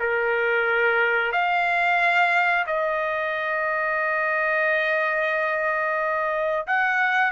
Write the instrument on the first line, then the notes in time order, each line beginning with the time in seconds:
trumpet
0.00 A#4
1.32 F5
2.67 D#5
6.67 F#5